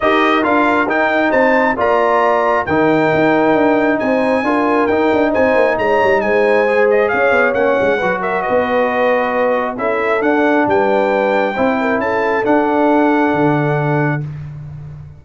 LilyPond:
<<
  \new Staff \with { instrumentName = "trumpet" } { \time 4/4 \tempo 4 = 135 dis''4 f''4 g''4 a''4 | ais''2 g''2~ | g''4 gis''2 g''4 | gis''4 ais''4 gis''4. dis''8 |
f''4 fis''4. e''8 dis''4~ | dis''2 e''4 fis''4 | g''2. a''4 | fis''1 | }
  \new Staff \with { instrumentName = "horn" } { \time 4/4 ais'2. c''4 | d''2 ais'2~ | ais'4 c''4 ais'2 | c''4 cis''4 c''2 |
cis''2 b'8 ais'8 b'4~ | b'2 a'2 | b'2 c''8 ais'8 a'4~ | a'1 | }
  \new Staff \with { instrumentName = "trombone" } { \time 4/4 g'4 f'4 dis'2 | f'2 dis'2~ | dis'2 f'4 dis'4~ | dis'2. gis'4~ |
gis'4 cis'4 fis'2~ | fis'2 e'4 d'4~ | d'2 e'2 | d'1 | }
  \new Staff \with { instrumentName = "tuba" } { \time 4/4 dis'4 d'4 dis'4 c'4 | ais2 dis4 dis'4 | d'4 c'4 d'4 dis'8 d'8 | c'8 ais8 gis8 g8 gis2 |
cis'8 b8 ais8 gis8 fis4 b4~ | b2 cis'4 d'4 | g2 c'4 cis'4 | d'2 d2 | }
>>